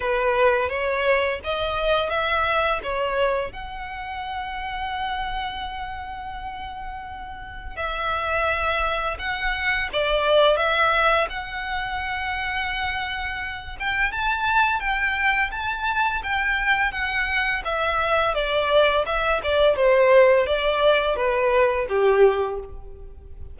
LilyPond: \new Staff \with { instrumentName = "violin" } { \time 4/4 \tempo 4 = 85 b'4 cis''4 dis''4 e''4 | cis''4 fis''2.~ | fis''2. e''4~ | e''4 fis''4 d''4 e''4 |
fis''2.~ fis''8 g''8 | a''4 g''4 a''4 g''4 | fis''4 e''4 d''4 e''8 d''8 | c''4 d''4 b'4 g'4 | }